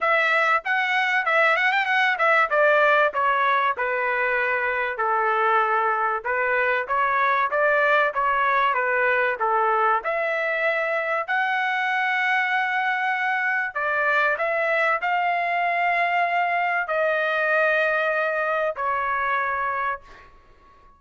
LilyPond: \new Staff \with { instrumentName = "trumpet" } { \time 4/4 \tempo 4 = 96 e''4 fis''4 e''8 fis''16 g''16 fis''8 e''8 | d''4 cis''4 b'2 | a'2 b'4 cis''4 | d''4 cis''4 b'4 a'4 |
e''2 fis''2~ | fis''2 d''4 e''4 | f''2. dis''4~ | dis''2 cis''2 | }